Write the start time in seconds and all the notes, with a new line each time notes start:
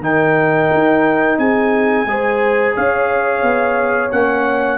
0.00 D#3 D#4 A#4 G5
0.73 D#4
1.38 C4 G#4 G#5
2.06 G#3 G#4 C5
2.76 C#4 C#5 F5
3.43 B3
4.11 A#3 C#4 F#5